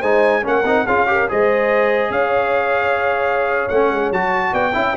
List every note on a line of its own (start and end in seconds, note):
0.00 0.44 G#3
0.00 0.42 D#4
0.00 0.42 C5
0.00 0.44 G#5
0.42 0.63 A#3
0.42 0.63 C#4
0.42 0.86 A#4
0.42 0.87 F#5
0.63 0.84 C4
0.63 0.87 D#4
0.86 1.28 C#4
0.86 1.07 F4
0.86 1.07 G#4
0.86 1.29 F5
1.07 1.28 G4
1.07 1.30 A#4
1.29 2.10 G#3
1.29 3.70 G#4
1.29 2.12 C5
1.29 2.11 D#5
2.10 3.67 C#4
2.10 4.52 C#5
2.10 3.69 F5
3.69 3.91 A3
3.69 4.14 C#4
3.69 4.10 F#5
3.91 4.11 G#3
4.11 4.53 F#3
4.11 4.73 F#4
4.11 4.54 A5
4.52 4.74 B3
4.52 4.73 D5
4.52 4.96 G5
4.73 4.96 C#4
4.73 4.94 E4
4.73 4.96 E5